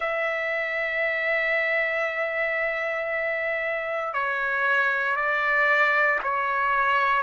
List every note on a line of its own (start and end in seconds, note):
0.00 4.13 E5
4.13 5.15 C#5
5.15 6.19 D5
6.23 7.22 C#5